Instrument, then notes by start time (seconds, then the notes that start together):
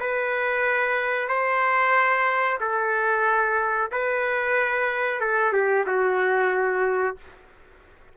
trumpet
0.00 B4
1.28 C5
2.61 A4
3.92 B4
5.21 A4
5.53 G4
5.86 F#4